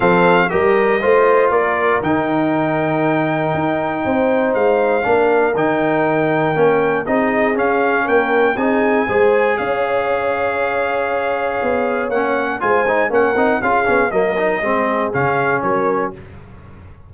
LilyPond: <<
  \new Staff \with { instrumentName = "trumpet" } { \time 4/4 \tempo 4 = 119 f''4 dis''2 d''4 | g''1~ | g''4 f''2 g''4~ | g''2 dis''4 f''4 |
g''4 gis''2 f''4~ | f''1 | fis''4 gis''4 fis''4 f''4 | dis''2 f''4 cis''4 | }
  \new Staff \with { instrumentName = "horn" } { \time 4/4 a'4 ais'4 c''4 ais'4~ | ais'1 | c''2 ais'2~ | ais'2 gis'2 |
ais'4 gis'4 c''4 cis''4~ | cis''1~ | cis''4 c''4 ais'4 gis'4 | ais'4 gis'2 ais'4 | }
  \new Staff \with { instrumentName = "trombone" } { \time 4/4 c'4 g'4 f'2 | dis'1~ | dis'2 d'4 dis'4~ | dis'4 cis'4 dis'4 cis'4~ |
cis'4 dis'4 gis'2~ | gis'1 | cis'4 f'8 dis'8 cis'8 dis'8 f'8 cis'8 | ais8 dis'8 c'4 cis'2 | }
  \new Staff \with { instrumentName = "tuba" } { \time 4/4 f4 g4 a4 ais4 | dis2. dis'4 | c'4 gis4 ais4 dis4~ | dis4 ais4 c'4 cis'4 |
ais4 c'4 gis4 cis'4~ | cis'2. b4 | ais4 gis4 ais8 c'8 cis'8 b8 | fis4 gis4 cis4 fis4 | }
>>